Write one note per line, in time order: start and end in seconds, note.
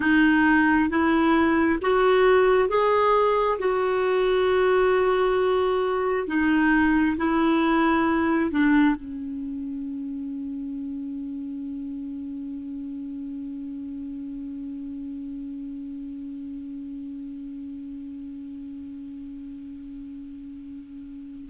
0.00 0.90 D#4
0.90 1.79 E4
1.81 2.69 F#4
2.69 3.58 G#4
3.58 6.27 F#4
6.27 7.16 D#4
7.17 8.51 E4
8.51 8.95 D4
8.95 21.49 C#4